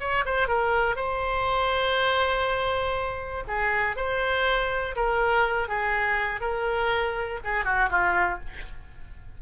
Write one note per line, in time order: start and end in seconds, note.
0.00 0.25 C#5
0.25 0.48 C5
0.48 0.96 A#4
0.96 3.44 C5
3.48 3.96 G#4
3.96 4.95 C5
4.96 5.68 A#4
5.68 6.41 G#4
6.41 7.40 A#4
7.44 7.65 G#4
7.65 7.90 F#4
7.90 8.39 F4